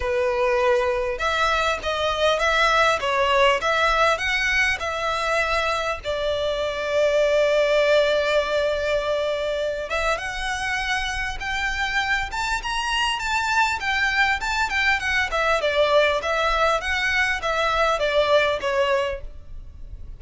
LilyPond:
\new Staff \with { instrumentName = "violin" } { \time 4/4 \tempo 4 = 100 b'2 e''4 dis''4 | e''4 cis''4 e''4 fis''4 | e''2 d''2~ | d''1~ |
d''8 e''8 fis''2 g''4~ | g''8 a''8 ais''4 a''4 g''4 | a''8 g''8 fis''8 e''8 d''4 e''4 | fis''4 e''4 d''4 cis''4 | }